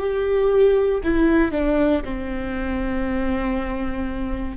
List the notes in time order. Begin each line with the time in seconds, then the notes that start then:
0.00 G4
1.04 E4
1.52 D4
2.04 C4